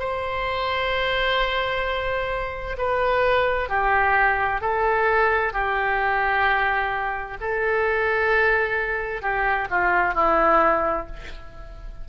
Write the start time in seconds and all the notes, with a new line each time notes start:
0.00 C5
2.78 B4
3.69 G4
4.62 A4
5.53 G4
7.41 A4
9.22 G4
9.70 F4
10.15 E4